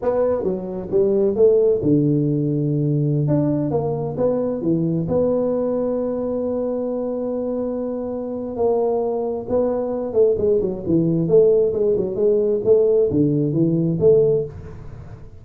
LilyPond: \new Staff \with { instrumentName = "tuba" } { \time 4/4 \tempo 4 = 133 b4 fis4 g4 a4 | d2.~ d16 d'8.~ | d'16 ais4 b4 e4 b8.~ | b1~ |
b2. ais4~ | ais4 b4. a8 gis8 fis8 | e4 a4 gis8 fis8 gis4 | a4 d4 e4 a4 | }